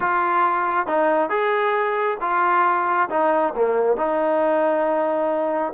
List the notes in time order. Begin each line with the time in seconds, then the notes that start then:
0.00 F4
0.86 D#4
1.29 G#4
2.20 F4
3.09 D#4
3.55 A#3
3.96 D#4